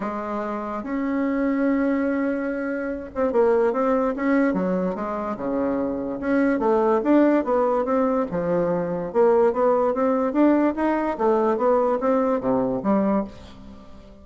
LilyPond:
\new Staff \with { instrumentName = "bassoon" } { \time 4/4 \tempo 4 = 145 gis2 cis'2~ | cis'2.~ cis'8 c'8 | ais4 c'4 cis'4 fis4 | gis4 cis2 cis'4 |
a4 d'4 b4 c'4 | f2 ais4 b4 | c'4 d'4 dis'4 a4 | b4 c'4 c4 g4 | }